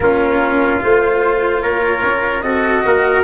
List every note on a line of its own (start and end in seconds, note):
0.00 0.80 A#3
0.00 0.80 C#4
0.00 1.62 F4
0.00 0.80 A#4
0.80 1.64 A3
0.80 2.42 F4
0.80 1.62 C5
1.62 2.02 A#3
1.62 2.43 A#4
1.62 2.41 C#5
2.02 2.42 C#4
2.41 2.83 C4
2.41 3.23 F#4
2.41 2.84 A4
2.41 3.22 D#5
2.85 3.23 A#3
2.85 3.23 A#4